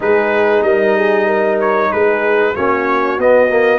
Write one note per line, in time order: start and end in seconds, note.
0.00 0.62 G#3
0.00 2.55 D#4
0.00 0.65 G#4
0.00 0.62 B4
0.62 1.90 G3
0.62 0.96 A#4
0.62 1.58 D#5
0.96 1.26 G#4
1.26 1.90 A#4
1.60 1.91 C#5
1.92 2.56 G#3
1.92 2.53 G#4
1.92 2.55 B4
2.53 3.18 A#3
2.53 3.19 C#4
2.53 3.79 F#4
2.53 3.19 C#5
3.18 3.79 B3
3.18 3.49 B3
3.18 3.79 D#5
3.49 3.79 A#3